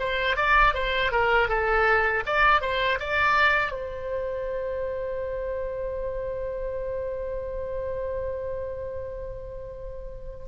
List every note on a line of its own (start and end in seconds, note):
0.00 0.36 C5
0.36 0.74 D5
0.74 1.12 C5
1.12 1.49 A#4
1.49 2.24 A4
2.26 2.61 D5
2.61 2.99 C5
3.00 3.72 D5
3.72 10.47 C5